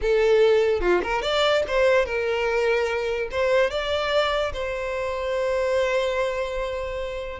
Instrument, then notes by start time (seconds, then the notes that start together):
violin
0.01 A4
0.80 F4
1.03 A#4
1.22 D5
1.67 C5
2.05 A#4
3.31 C5
3.70 D5
4.53 C5